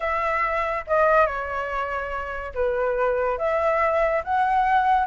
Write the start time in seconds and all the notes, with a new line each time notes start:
0.00 E5
0.87 D#5
1.26 C#5
2.54 B4
3.38 E5
4.24 F#5